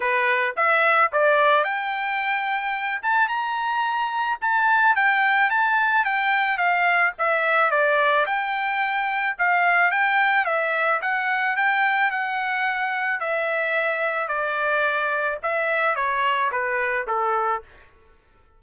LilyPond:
\new Staff \with { instrumentName = "trumpet" } { \time 4/4 \tempo 4 = 109 b'4 e''4 d''4 g''4~ | g''4. a''8 ais''2 | a''4 g''4 a''4 g''4 | f''4 e''4 d''4 g''4~ |
g''4 f''4 g''4 e''4 | fis''4 g''4 fis''2 | e''2 d''2 | e''4 cis''4 b'4 a'4 | }